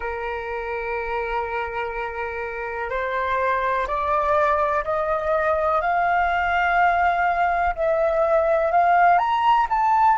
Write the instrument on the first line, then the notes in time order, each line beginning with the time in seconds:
flute
0.00 A#4
2.89 C5
3.87 D5
4.84 D#5
5.81 F5
7.75 E5
8.71 F5
9.18 A#5
9.70 A5